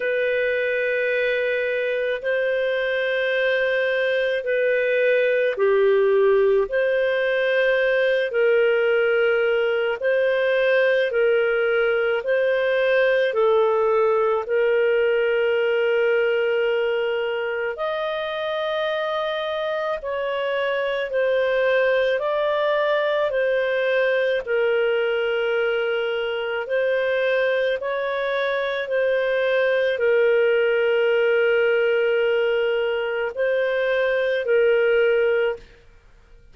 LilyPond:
\new Staff \with { instrumentName = "clarinet" } { \time 4/4 \tempo 4 = 54 b'2 c''2 | b'4 g'4 c''4. ais'8~ | ais'4 c''4 ais'4 c''4 | a'4 ais'2. |
dis''2 cis''4 c''4 | d''4 c''4 ais'2 | c''4 cis''4 c''4 ais'4~ | ais'2 c''4 ais'4 | }